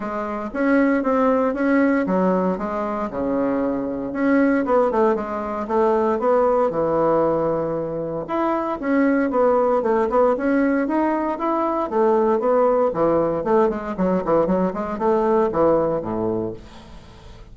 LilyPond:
\new Staff \with { instrumentName = "bassoon" } { \time 4/4 \tempo 4 = 116 gis4 cis'4 c'4 cis'4 | fis4 gis4 cis2 | cis'4 b8 a8 gis4 a4 | b4 e2. |
e'4 cis'4 b4 a8 b8 | cis'4 dis'4 e'4 a4 | b4 e4 a8 gis8 fis8 e8 | fis8 gis8 a4 e4 a,4 | }